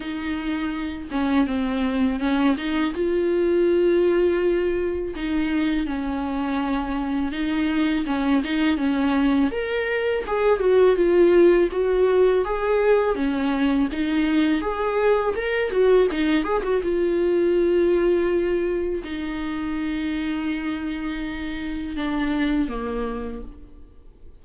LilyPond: \new Staff \with { instrumentName = "viola" } { \time 4/4 \tempo 4 = 82 dis'4. cis'8 c'4 cis'8 dis'8 | f'2. dis'4 | cis'2 dis'4 cis'8 dis'8 | cis'4 ais'4 gis'8 fis'8 f'4 |
fis'4 gis'4 cis'4 dis'4 | gis'4 ais'8 fis'8 dis'8 gis'16 fis'16 f'4~ | f'2 dis'2~ | dis'2 d'4 ais4 | }